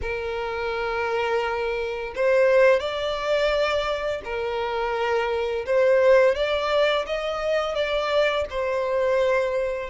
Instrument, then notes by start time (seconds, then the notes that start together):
violin
0.01 A#4
2.15 C5
2.80 D5
4.24 A#4
5.66 C5
6.35 D5
7.06 D#5
7.75 D5
8.49 C5